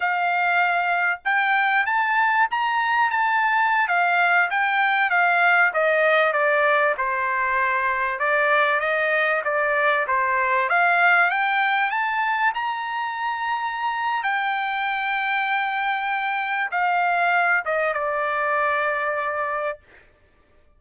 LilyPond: \new Staff \with { instrumentName = "trumpet" } { \time 4/4 \tempo 4 = 97 f''2 g''4 a''4 | ais''4 a''4~ a''16 f''4 g''8.~ | g''16 f''4 dis''4 d''4 c''8.~ | c''4~ c''16 d''4 dis''4 d''8.~ |
d''16 c''4 f''4 g''4 a''8.~ | a''16 ais''2~ ais''8. g''4~ | g''2. f''4~ | f''8 dis''8 d''2. | }